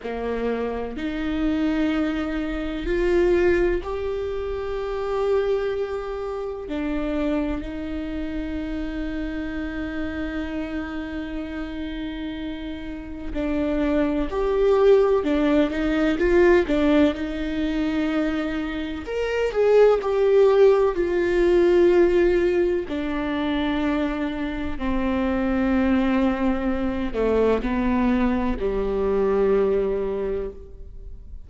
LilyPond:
\new Staff \with { instrumentName = "viola" } { \time 4/4 \tempo 4 = 63 ais4 dis'2 f'4 | g'2. d'4 | dis'1~ | dis'2 d'4 g'4 |
d'8 dis'8 f'8 d'8 dis'2 | ais'8 gis'8 g'4 f'2 | d'2 c'2~ | c'8 a8 b4 g2 | }